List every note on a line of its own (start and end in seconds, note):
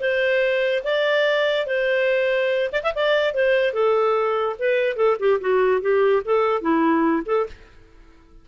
0.00 0.83 C5
0.84 1.66 D5
1.66 2.70 C5
2.72 2.82 D5
2.83 2.93 E5
2.95 3.34 D5
3.34 3.73 C5
3.73 4.56 A4
4.59 4.96 B4
4.96 5.17 A4
5.19 5.40 G4
5.40 5.81 F#4
5.81 6.23 G4
6.25 6.61 A4
6.61 7.23 E4
7.25 7.46 A4